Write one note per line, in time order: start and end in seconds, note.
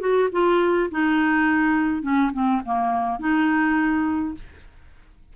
0.00 0.29 F#4
0.32 0.90 F4
0.91 2.02 D#4
2.02 2.31 C#4
2.33 2.62 C4
2.65 3.19 A#3
3.19 4.35 D#4